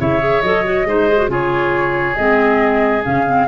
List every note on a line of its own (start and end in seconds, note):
0.00 0.43 C#3
0.00 0.20 E4
0.00 0.87 C#5
0.00 0.42 E5
0.20 0.42 G#4
0.42 0.85 F#3
0.42 0.65 A4
0.42 1.29 D#5
0.65 0.86 F#4
0.85 1.28 G#3
0.85 1.09 D#4
0.85 1.31 C5
1.09 1.18 G#4
1.18 1.29 F#4
1.29 2.16 C#3
1.29 2.16 F4
1.29 3.48 G#4
1.29 2.16 C#5
2.16 3.05 G#3
2.16 3.03 C4
2.16 3.03 D#5
3.03 3.48 C#3
3.03 3.25 C#4
3.03 3.48 F5
3.26 3.48 C4